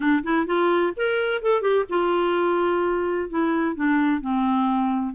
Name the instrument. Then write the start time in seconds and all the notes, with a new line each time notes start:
clarinet
0.00 D4
0.23 E4
0.46 F4
0.96 A#4
1.41 A4
1.61 G4
1.89 F4
3.29 E4
3.75 D4
4.21 C4